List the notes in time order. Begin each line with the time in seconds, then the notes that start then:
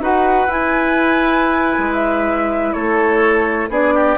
0.00 D#4 F#4 B4 F#5
0.47 E4 G#5
1.78 G#3
1.94 E5
2.73 A3 A4 C#5
3.69 B3 D4 G#4 D5
3.95 G4